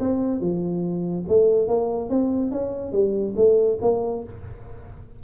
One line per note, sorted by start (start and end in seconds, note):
0.00 0.41 C4
0.41 1.25 F3
1.28 1.68 A3
1.68 2.09 A#3
2.09 2.51 C4
2.51 2.92 C#4
2.92 3.35 G3
3.36 3.79 A3
3.81 4.24 A#3